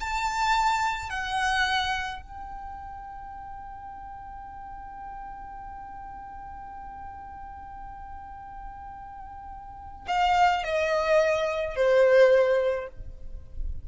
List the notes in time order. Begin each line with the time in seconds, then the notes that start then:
0.00 A5
1.10 F#5
2.21 G5
10.07 F5
10.63 D#5
11.76 C5